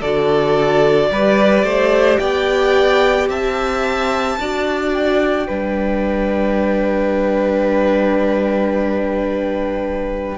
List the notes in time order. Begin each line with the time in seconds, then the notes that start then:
0.00 D3 F#4 A4 D5
1.10 G3 G4 B4
1.63 A3 C5
2.18 B3 D5 G5
3.29 C4 E5 A5
4.39 D4 F#4 D5
4.93 G5
5.47 G3 D4 B4